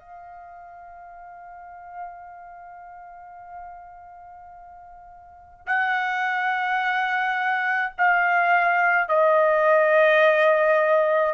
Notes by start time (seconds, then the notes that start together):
0.00 F5
5.67 F#5
7.98 F5
9.09 D#5